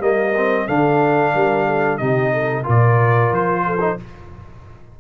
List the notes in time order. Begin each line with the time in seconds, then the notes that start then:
0.00 G3 A#3 A#4 D#5
0.37 C4
0.67 D3 D4 A4 F5
1.34 G3 A#4
1.67 A4
1.98 C3 D#4 G4 D#5
2.34 A4
2.64 A#2 F4 A#4
2.70 D5
3.31 F3 C5
3.66 A4
3.81 D#4